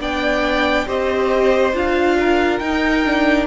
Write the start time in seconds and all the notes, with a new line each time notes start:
0.00 B3 D4 D5 G5
0.87 C4 G4 C5 D#5
1.74 D4 F4 F5
2.20 A#4
2.59 D#4 G5
3.06 D4